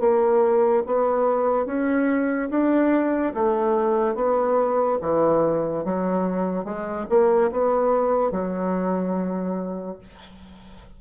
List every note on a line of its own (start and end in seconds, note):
0.00 0.83 A#3
0.86 1.66 B3
1.66 2.50 C#4
2.50 3.34 D4
3.34 4.15 A3
4.15 4.98 B3
5.02 5.85 E3
5.85 6.65 F#3
6.65 7.06 G#3
7.09 7.51 A#3
7.52 8.32 B3
8.32 9.98 F#3